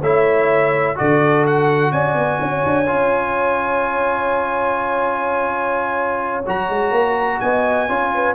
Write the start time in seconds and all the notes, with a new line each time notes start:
0.00 A3 E4 C#5 E5
0.95 D3 F#4 A4 D5
1.46 F#5
1.92 C#4 D5 G#5
2.15 B3
2.40 C#4 C#5
2.66 D4
2.86 C#4 F4
6.46 F#3 F#4 A#5
6.69 G#3
6.91 A#3
7.40 B3 D#5 G#5
7.88 C#4 F4 C#5
8.14 B4